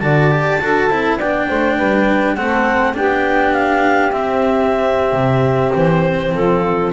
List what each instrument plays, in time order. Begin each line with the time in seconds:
0.00 double bass D3, cello F#4, saxophone D5, clarinet A5
0.31 cello G4
0.61 double bass D4, cello F#4, saxophone A4
0.89 double bass C4, cello E4
1.18 double bass B3, cello D4, saxophone D5, clarinet G5
1.49 double bass A3, saxophone C5
1.76 double bass G3, saxophone B4
2.36 double bass A3, cello C4, saxophone A4, clarinet F#5
2.94 double bass B3, cello D4, saxophone G4, clarinet G5
3.54 clarinet F5
4.12 cello C4, double bass C4, clarinet E5
5.13 double bass C3
5.75 double bass E3, clarinet C5
6.33 double bass F3, saxophone F4, clarinet A4